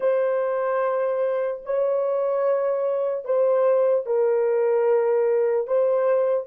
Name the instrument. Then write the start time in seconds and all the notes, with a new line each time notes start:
horn
0.00 C5
1.65 C#5
3.24 C5
4.05 A#4
5.67 C5